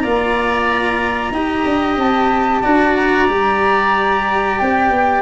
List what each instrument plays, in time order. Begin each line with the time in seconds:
0.00 tuba A#3, cello F4, oboe D5, flute A#5
1.31 tuba D#4, cello G4, oboe D#5
1.65 tuba D4
1.97 tuba C4, flute A5
2.62 tuba D4, cello F#4, oboe D5
2.96 flute A#5
3.29 tuba G3, cello G4
4.59 tuba C4, flute G5
4.91 tuba B3